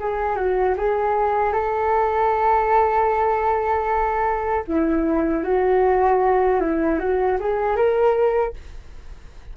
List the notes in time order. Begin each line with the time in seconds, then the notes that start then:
0.00 G#4
0.36 F#4
0.78 G#4
1.53 A4
4.68 E4
5.44 F#4
6.61 E4
7.00 F#4
7.41 G#4
7.76 A#4